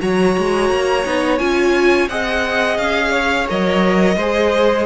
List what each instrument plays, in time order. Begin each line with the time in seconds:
0.00 cello F#3, viola F#4, violin C#5 A#5
0.38 cello G#3
0.70 cello A#3
1.06 cello B3, viola D#4
1.39 cello C#4, viola F4, violin G#5
2.09 cello C4, viola G#4, violin D#5 F#5
2.78 cello C#4, violin F5
3.12 violin C#5
3.49 cello F#3, viola A#4, violin D#5
4.16 cello G#3, viola G#4, violin C5